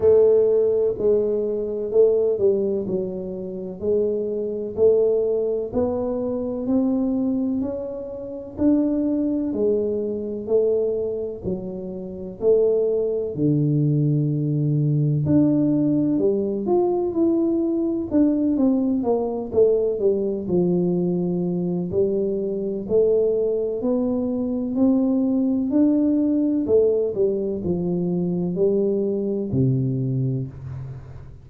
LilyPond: \new Staff \with { instrumentName = "tuba" } { \time 4/4 \tempo 4 = 63 a4 gis4 a8 g8 fis4 | gis4 a4 b4 c'4 | cis'4 d'4 gis4 a4 | fis4 a4 d2 |
d'4 g8 f'8 e'4 d'8 c'8 | ais8 a8 g8 f4. g4 | a4 b4 c'4 d'4 | a8 g8 f4 g4 c4 | }